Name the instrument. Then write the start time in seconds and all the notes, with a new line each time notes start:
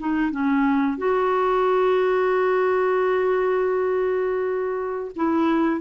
clarinet
0.00 D#4
0.31 C#4
0.98 F#4
5.16 E4